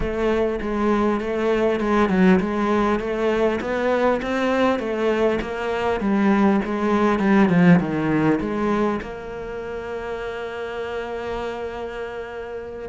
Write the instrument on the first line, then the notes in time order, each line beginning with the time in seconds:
cello
0.00 A3
0.61 G#3
1.20 A3
1.80 G#3
2.09 F#3
2.39 G#3
2.99 A3
3.60 B3
4.21 C4
4.79 A3
5.41 A#3
6.00 G3
6.64 G#3
7.19 G3
7.49 F3
7.79 D#3
8.40 G#3
9.01 A#3